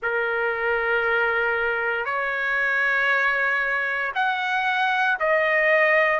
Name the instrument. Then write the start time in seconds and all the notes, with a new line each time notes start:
trumpet
0.02 A#4
2.05 C#5
4.14 F#5
5.20 D#5